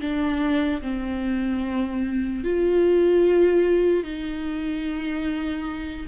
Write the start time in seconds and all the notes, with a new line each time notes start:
0.00 D4
0.81 C4
2.44 F4
4.03 D#4